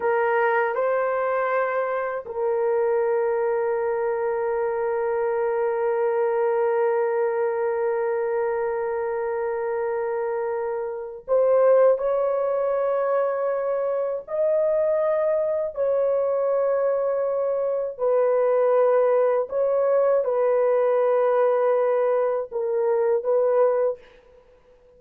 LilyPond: \new Staff \with { instrumentName = "horn" } { \time 4/4 \tempo 4 = 80 ais'4 c''2 ais'4~ | ais'1~ | ais'1~ | ais'2. c''4 |
cis''2. dis''4~ | dis''4 cis''2. | b'2 cis''4 b'4~ | b'2 ais'4 b'4 | }